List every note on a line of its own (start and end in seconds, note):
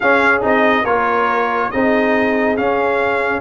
0.00 0.44 C#4
0.00 0.41 C#4
0.00 0.84 G#4
0.00 0.41 F5
0.41 0.84 C4
0.41 0.83 D#4
0.41 0.85 D#5
0.84 1.69 A#3
0.84 1.72 F4
0.84 1.69 A#4
0.84 1.70 C#5
1.70 2.57 C4
1.70 2.57 D#4
1.70 3.40 G#4
1.70 2.56 D#5
2.56 3.40 C#4
2.56 3.40 F5